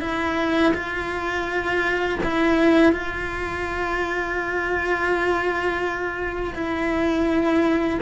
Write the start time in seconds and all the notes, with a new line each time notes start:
0.00 E4
0.74 F4
2.23 E4
2.92 F4
6.54 E4